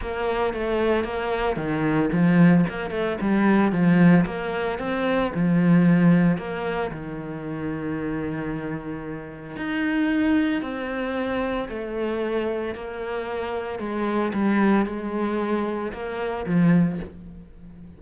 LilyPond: \new Staff \with { instrumentName = "cello" } { \time 4/4 \tempo 4 = 113 ais4 a4 ais4 dis4 | f4 ais8 a8 g4 f4 | ais4 c'4 f2 | ais4 dis2.~ |
dis2 dis'2 | c'2 a2 | ais2 gis4 g4 | gis2 ais4 f4 | }